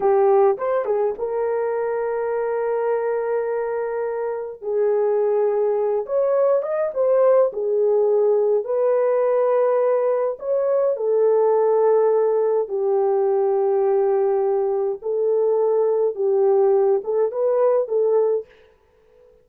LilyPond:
\new Staff \with { instrumentName = "horn" } { \time 4/4 \tempo 4 = 104 g'4 c''8 gis'8 ais'2~ | ais'1 | gis'2~ gis'8 cis''4 dis''8 | c''4 gis'2 b'4~ |
b'2 cis''4 a'4~ | a'2 g'2~ | g'2 a'2 | g'4. a'8 b'4 a'4 | }